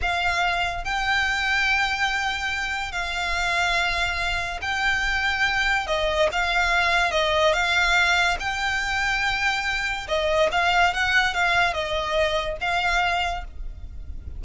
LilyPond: \new Staff \with { instrumentName = "violin" } { \time 4/4 \tempo 4 = 143 f''2 g''2~ | g''2. f''4~ | f''2. g''4~ | g''2 dis''4 f''4~ |
f''4 dis''4 f''2 | g''1 | dis''4 f''4 fis''4 f''4 | dis''2 f''2 | }